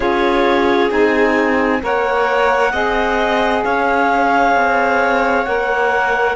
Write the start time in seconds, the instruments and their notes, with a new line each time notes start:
0.00 cello C#4, saxophone F4, violin G#4, clarinet C#5
0.89 cello C4, saxophone D#4, clarinet G#5
1.82 cello A#3, saxophone A#4, violin C#5, clarinet F#5
2.72 cello C4, saxophone G#4, violin D#5
3.64 cello C#4, violin C#5, clarinet F5
4.55 cello C4
5.45 cello A#3, saxophone A#4, clarinet F#5